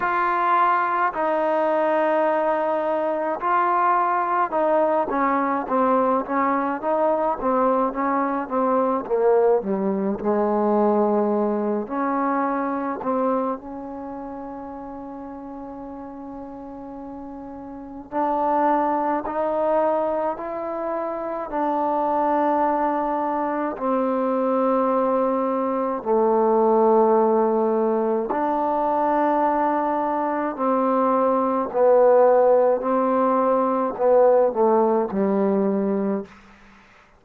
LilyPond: \new Staff \with { instrumentName = "trombone" } { \time 4/4 \tempo 4 = 53 f'4 dis'2 f'4 | dis'8 cis'8 c'8 cis'8 dis'8 c'8 cis'8 c'8 | ais8 g8 gis4. cis'4 c'8 | cis'1 |
d'4 dis'4 e'4 d'4~ | d'4 c'2 a4~ | a4 d'2 c'4 | b4 c'4 b8 a8 g4 | }